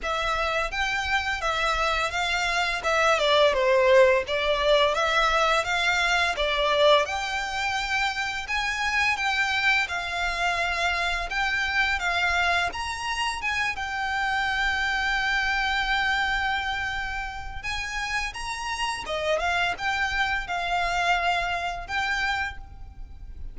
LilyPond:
\new Staff \with { instrumentName = "violin" } { \time 4/4 \tempo 4 = 85 e''4 g''4 e''4 f''4 | e''8 d''8 c''4 d''4 e''4 | f''4 d''4 g''2 | gis''4 g''4 f''2 |
g''4 f''4 ais''4 gis''8 g''8~ | g''1~ | g''4 gis''4 ais''4 dis''8 f''8 | g''4 f''2 g''4 | }